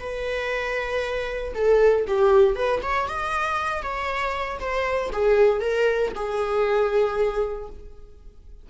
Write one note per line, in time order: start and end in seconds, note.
0.00 1.54 B4
1.55 2.06 A4
2.07 2.56 G4
2.56 2.82 B4
2.83 3.08 C#5
3.09 3.83 D#5
3.83 4.59 C#5
4.60 5.11 C5
5.13 5.61 G#4
5.61 6.12 A#4
6.16 7.69 G#4